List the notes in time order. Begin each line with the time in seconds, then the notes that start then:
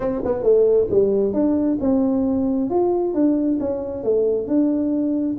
0.00 C4
0.24 B3
0.43 A3
0.90 G3
1.33 D4
1.80 C4
2.69 F4
3.13 D4
3.59 C#4
4.03 A3
4.47 D4